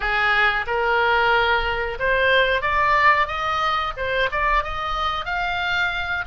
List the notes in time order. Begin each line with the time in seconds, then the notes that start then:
0.00 G#4
0.66 A#4
1.99 C5
2.61 D5
3.27 D#5
3.97 C5
4.31 D5
4.63 D#5
5.25 F5